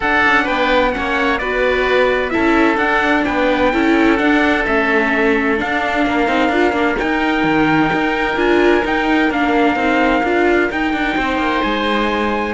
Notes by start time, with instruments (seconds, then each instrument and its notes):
0.00 cello D4, viola D4, oboe A4, trumpet F#5
0.26 cello C#4
0.43 cello B3, oboe B4, trumpet G5
0.91 cello A#3, viola C#4, oboe C#5, trumpet F#5
1.38 cello B3, viola F#4, oboe B4, trumpet D5
2.29 viola E4, oboe A4, trumpet E5
2.36 cello C#4
2.77 cello D4, viola D4, trumpet F#5
3.24 cello B3, oboe B4, trumpet G5
3.72 cello C#4, viola E4, oboe A4
4.17 viola D4, cello D4, trumpet F#5
4.65 cello A3, viola C#4, trumpet E5
5.57 viola D4, cello D4, trumpet F5
6.06 cello A#3, oboe A#4
6.27 cello C4, viola D#4
6.49 cello D4, viola F4
6.72 cello A#3, viola D4
6.98 viola D#4, cello D#4, trumpet G5
7.43 cello D#3
7.92 cello D#4
8.36 cello D4, viola F4, trumpet G#5
8.83 viola D#4, cello D#4, trumpet G5
9.30 cello A#3, viola D4, trumpet F5
9.75 cello C4, viola D#4
10.23 cello D4, viola F4
10.70 viola D#4, cello D#4, trumpet G5
10.93 cello D4
11.16 cello C4, oboe C5
11.37 cello A#3
11.62 cello G#3, trumpet G#5